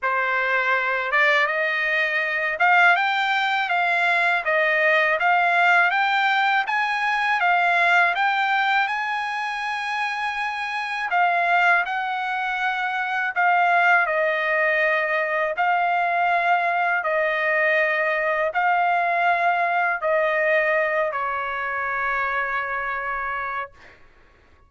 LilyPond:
\new Staff \with { instrumentName = "trumpet" } { \time 4/4 \tempo 4 = 81 c''4. d''8 dis''4. f''8 | g''4 f''4 dis''4 f''4 | g''4 gis''4 f''4 g''4 | gis''2. f''4 |
fis''2 f''4 dis''4~ | dis''4 f''2 dis''4~ | dis''4 f''2 dis''4~ | dis''8 cis''2.~ cis''8 | }